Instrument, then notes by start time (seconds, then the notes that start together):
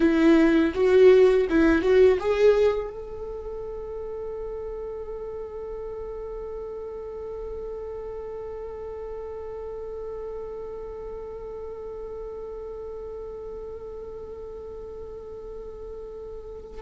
viola
0.00 E4
0.74 F#4
1.49 E4
1.81 F#4
2.19 G#4
2.90 A4